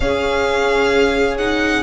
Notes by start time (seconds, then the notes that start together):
0.00 C#4 G#4 F5
1.37 D#4 F#5